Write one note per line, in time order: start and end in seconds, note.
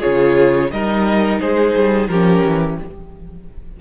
0.00 0.72 C#3
0.00 0.70 F4
0.00 0.69 G#4
0.00 0.71 C#5
0.72 1.41 G3
0.72 2.11 D#4
0.72 1.41 A#4
0.72 1.41 D#5
1.41 1.76 G#3
1.41 2.10 G#4
1.41 2.08 C5
1.76 2.09 G3
2.08 2.43 F3
2.08 2.81 C#4
2.08 2.80 G4
2.08 2.77 A#4
2.46 2.80 E3